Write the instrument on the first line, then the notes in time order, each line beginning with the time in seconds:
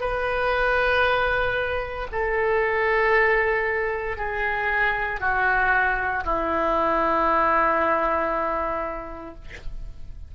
oboe
0.00 B4
2.12 A4
4.17 G#4
5.20 F#4
6.24 E4